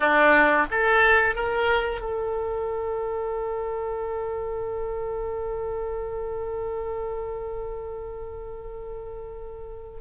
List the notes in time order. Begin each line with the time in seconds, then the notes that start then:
0.00 D4
0.70 A4
1.35 A#4
2.00 A4